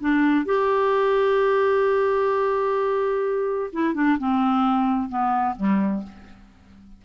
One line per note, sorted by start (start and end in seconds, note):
0.00 0.45 D4
0.45 3.71 G4
3.72 3.94 E4
3.94 4.18 D4
4.18 5.09 C4
5.09 5.55 B3
5.56 6.03 G3